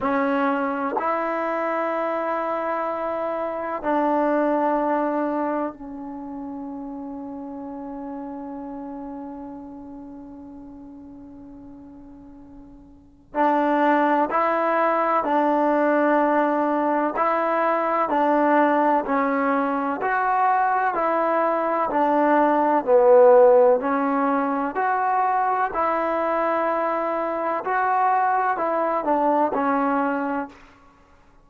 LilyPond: \new Staff \with { instrumentName = "trombone" } { \time 4/4 \tempo 4 = 63 cis'4 e'2. | d'2 cis'2~ | cis'1~ | cis'2 d'4 e'4 |
d'2 e'4 d'4 | cis'4 fis'4 e'4 d'4 | b4 cis'4 fis'4 e'4~ | e'4 fis'4 e'8 d'8 cis'4 | }